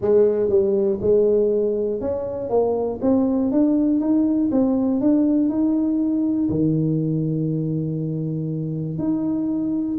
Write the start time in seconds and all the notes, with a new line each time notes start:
0.01 G#3
0.49 G3
1.01 G#3
2.00 C#4
2.49 A#3
3.01 C4
3.51 D4
4.00 D#4
4.51 C4
5.00 D4
5.49 D#4
6.49 D#3
8.98 D#4